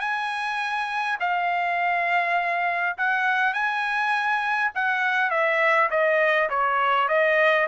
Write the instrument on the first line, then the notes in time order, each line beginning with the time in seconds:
trumpet
0.00 G#5
1.20 F5
2.98 F#5
3.54 G#5
4.75 F#5
5.31 E5
5.91 D#5
6.50 C#5
7.08 D#5